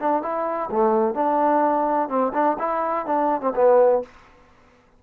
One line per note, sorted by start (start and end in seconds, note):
0.00 0.23 D4
0.23 0.70 E4
0.71 1.14 A3
1.14 2.09 D4
2.09 2.33 C4
2.34 2.57 D4
2.59 3.06 E4
3.06 3.41 D4
3.41 3.53 C4
3.55 4.03 B3